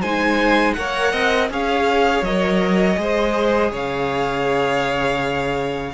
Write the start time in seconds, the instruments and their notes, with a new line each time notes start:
0.00 cello G#3, viola D#4, violin C5 G#5
0.73 cello A#3, viola A#4, violin C#5 F#5
1.12 cello C4, violin D#5
1.50 cello C#4, viola G#4, violin C#5 F5
2.22 cello F#3, viola A#4, violin D#5
2.95 cello G#3, viola G#4, violin C5
3.71 cello C#3, violin C#5 F5